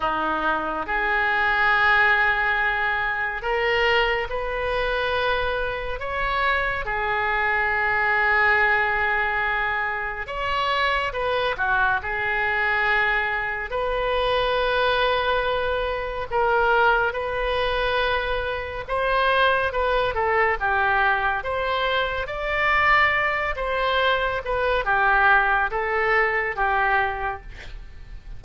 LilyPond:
\new Staff \with { instrumentName = "oboe" } { \time 4/4 \tempo 4 = 70 dis'4 gis'2. | ais'4 b'2 cis''4 | gis'1 | cis''4 b'8 fis'8 gis'2 |
b'2. ais'4 | b'2 c''4 b'8 a'8 | g'4 c''4 d''4. c''8~ | c''8 b'8 g'4 a'4 g'4 | }